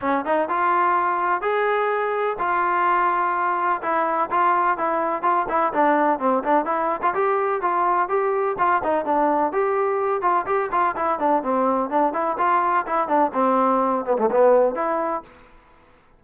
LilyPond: \new Staff \with { instrumentName = "trombone" } { \time 4/4 \tempo 4 = 126 cis'8 dis'8 f'2 gis'4~ | gis'4 f'2. | e'4 f'4 e'4 f'8 e'8 | d'4 c'8 d'8 e'8. f'16 g'4 |
f'4 g'4 f'8 dis'8 d'4 | g'4. f'8 g'8 f'8 e'8 d'8 | c'4 d'8 e'8 f'4 e'8 d'8 | c'4. b16 a16 b4 e'4 | }